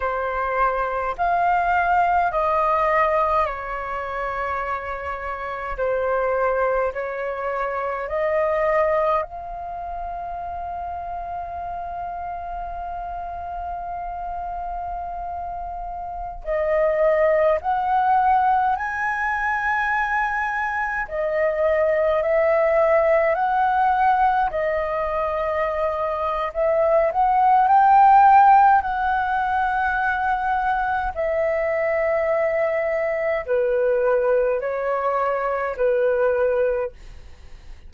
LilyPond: \new Staff \with { instrumentName = "flute" } { \time 4/4 \tempo 4 = 52 c''4 f''4 dis''4 cis''4~ | cis''4 c''4 cis''4 dis''4 | f''1~ | f''2~ f''16 dis''4 fis''8.~ |
fis''16 gis''2 dis''4 e''8.~ | e''16 fis''4 dis''4.~ dis''16 e''8 fis''8 | g''4 fis''2 e''4~ | e''4 b'4 cis''4 b'4 | }